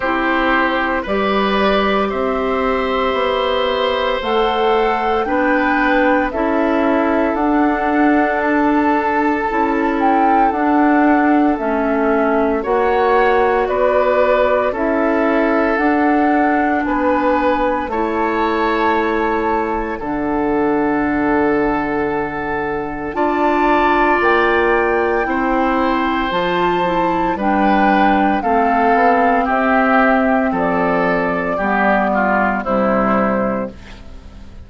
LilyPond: <<
  \new Staff \with { instrumentName = "flute" } { \time 4/4 \tempo 4 = 57 c''4 d''4 e''2 | fis''4 g''4 e''4 fis''4 | a''4. g''8 fis''4 e''4 | fis''4 d''4 e''4 fis''4 |
gis''4 a''2 fis''4~ | fis''2 a''4 g''4~ | g''4 a''4 g''4 f''4 | e''4 d''2 c''4 | }
  \new Staff \with { instrumentName = "oboe" } { \time 4/4 g'4 b'4 c''2~ | c''4 b'4 a'2~ | a'1 | cis''4 b'4 a'2 |
b'4 cis''2 a'4~ | a'2 d''2 | c''2 b'4 a'4 | g'4 a'4 g'8 f'8 e'4 | }
  \new Staff \with { instrumentName = "clarinet" } { \time 4/4 e'4 g'2. | a'4 d'4 e'4 d'4~ | d'4 e'4 d'4 cis'4 | fis'2 e'4 d'4~ |
d'4 e'2 d'4~ | d'2 f'2 | e'4 f'8 e'8 d'4 c'4~ | c'2 b4 g4 | }
  \new Staff \with { instrumentName = "bassoon" } { \time 4/4 c'4 g4 c'4 b4 | a4 b4 cis'4 d'4~ | d'4 cis'4 d'4 a4 | ais4 b4 cis'4 d'4 |
b4 a2 d4~ | d2 d'4 ais4 | c'4 f4 g4 a8 b8 | c'4 f4 g4 c4 | }
>>